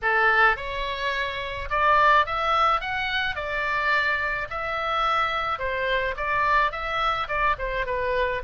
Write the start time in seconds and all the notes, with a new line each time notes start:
0.02 A4
0.56 C#5
1.69 D5
2.26 E5
2.80 F#5
3.35 D5
4.50 E5
5.58 C5
6.17 D5
6.71 E5
7.27 D5
7.58 C5
7.86 B4